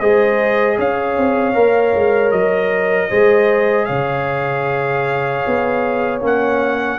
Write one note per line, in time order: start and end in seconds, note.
0.00 0.78 G#3
0.00 1.54 G#4
0.00 0.78 C5
0.00 0.78 D#5
0.78 1.17 C#4
0.78 3.09 C#5
0.78 2.31 F5
1.17 1.56 C4
1.54 1.94 A#3
1.54 3.10 A#4
1.95 2.32 G#3
2.31 3.10 F#3
2.31 3.85 D#5
3.09 3.89 G#3
3.09 6.21 G#4
3.09 3.87 C5
3.85 5.45 C#3
3.85 6.99 C#5
3.85 6.19 F5
5.47 6.22 B3
6.21 7.00 A#3
6.21 6.99 C#4
6.21 7.00 F#5